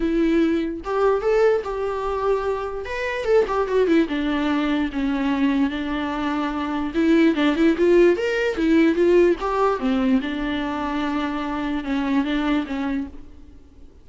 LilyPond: \new Staff \with { instrumentName = "viola" } { \time 4/4 \tempo 4 = 147 e'2 g'4 a'4 | g'2. b'4 | a'8 g'8 fis'8 e'8 d'2 | cis'2 d'2~ |
d'4 e'4 d'8 e'8 f'4 | ais'4 e'4 f'4 g'4 | c'4 d'2.~ | d'4 cis'4 d'4 cis'4 | }